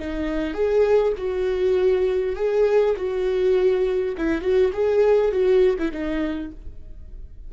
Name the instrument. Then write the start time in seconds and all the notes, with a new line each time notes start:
viola
0.00 D#4
0.54 G#4
1.18 F#4
2.36 G#4
2.97 F#4
4.18 E4
4.42 F#4
4.73 G#4
5.32 F#4
5.79 E4
5.92 D#4